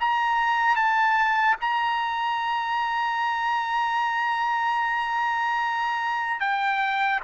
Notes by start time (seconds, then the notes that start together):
0.00 A#5
0.76 A5
1.61 A#5
6.40 G5